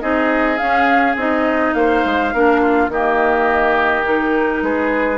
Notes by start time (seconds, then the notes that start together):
0.00 C4 D#4 G#4 D#5
0.58 C#4 F5
1.16 C4 D#4 D#5
1.74 A#3 C5 F5
2.05 G#3
2.34 A#3 D4 A#4
2.61 F4
2.88 D#3 A#3 G4 D#5
4.04 D#4 A#4
4.62 G#3 G#4 B4